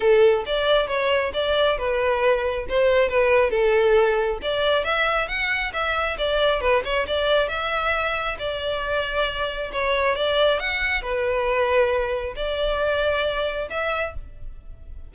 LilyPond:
\new Staff \with { instrumentName = "violin" } { \time 4/4 \tempo 4 = 136 a'4 d''4 cis''4 d''4 | b'2 c''4 b'4 | a'2 d''4 e''4 | fis''4 e''4 d''4 b'8 cis''8 |
d''4 e''2 d''4~ | d''2 cis''4 d''4 | fis''4 b'2. | d''2. e''4 | }